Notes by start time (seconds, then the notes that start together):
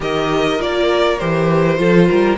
0.00 D#3 G4 A#4 D#5
0.58 A#3 F4 D5
1.18 E3 G4 C5
1.77 F3 F4 A4
2.08 G3 A#4